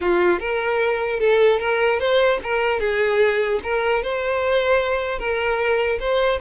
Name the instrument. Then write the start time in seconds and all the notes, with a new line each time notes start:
violin
0.00 F4
0.39 A#4
1.19 A4
1.59 A#4
1.99 C5
2.43 A#4
2.79 G#4
3.63 A#4
4.02 C5
5.19 A#4
5.99 C5